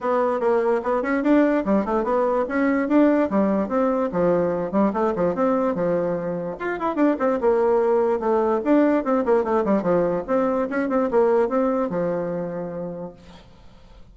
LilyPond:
\new Staff \with { instrumentName = "bassoon" } { \time 4/4 \tempo 4 = 146 b4 ais4 b8 cis'8 d'4 | g8 a8 b4 cis'4 d'4 | g4 c'4 f4. g8 | a8 f8 c'4 f2 |
f'8 e'8 d'8 c'8 ais2 | a4 d'4 c'8 ais8 a8 g8 | f4 c'4 cis'8 c'8 ais4 | c'4 f2. | }